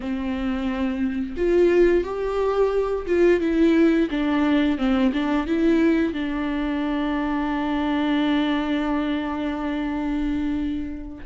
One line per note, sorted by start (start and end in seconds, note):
0.00 1.35 C4
1.36 2.03 F4
2.03 3.06 G4
3.06 3.40 F4
3.40 4.08 E4
4.10 4.78 D4
4.78 5.12 C4
5.13 5.46 D4
5.46 6.13 E4
6.13 11.24 D4